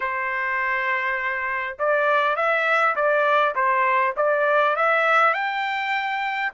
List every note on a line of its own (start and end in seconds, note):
0.00 1.77 C5
1.78 2.35 D5
2.35 2.95 E5
2.95 3.55 D5
3.55 4.14 C5
4.16 4.76 D5
4.76 5.33 E5
5.33 6.52 G5